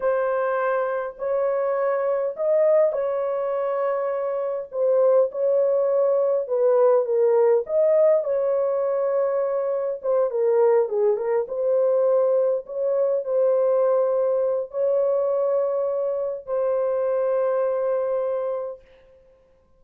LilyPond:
\new Staff \with { instrumentName = "horn" } { \time 4/4 \tempo 4 = 102 c''2 cis''2 | dis''4 cis''2. | c''4 cis''2 b'4 | ais'4 dis''4 cis''2~ |
cis''4 c''8 ais'4 gis'8 ais'8 c''8~ | c''4. cis''4 c''4.~ | c''4 cis''2. | c''1 | }